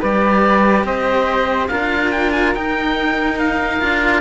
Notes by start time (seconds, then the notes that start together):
0.00 G3 G4 B4 D5
0.84 C4 C5 D#5
1.68 D4 F4 A#4 F5
2.11 G5
2.32 G#5
2.55 D#4 G5
3.39 F5
3.81 D4 F4